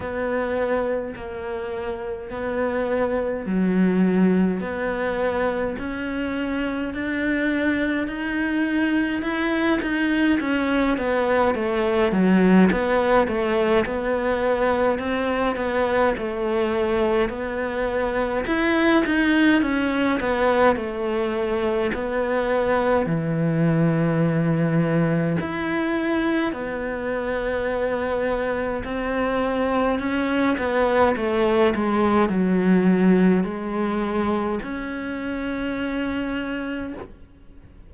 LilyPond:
\new Staff \with { instrumentName = "cello" } { \time 4/4 \tempo 4 = 52 b4 ais4 b4 fis4 | b4 cis'4 d'4 dis'4 | e'8 dis'8 cis'8 b8 a8 fis8 b8 a8 | b4 c'8 b8 a4 b4 |
e'8 dis'8 cis'8 b8 a4 b4 | e2 e'4 b4~ | b4 c'4 cis'8 b8 a8 gis8 | fis4 gis4 cis'2 | }